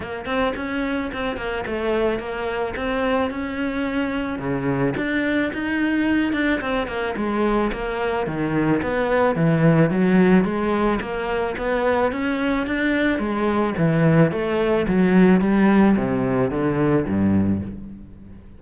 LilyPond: \new Staff \with { instrumentName = "cello" } { \time 4/4 \tempo 4 = 109 ais8 c'8 cis'4 c'8 ais8 a4 | ais4 c'4 cis'2 | cis4 d'4 dis'4. d'8 | c'8 ais8 gis4 ais4 dis4 |
b4 e4 fis4 gis4 | ais4 b4 cis'4 d'4 | gis4 e4 a4 fis4 | g4 c4 d4 g,4 | }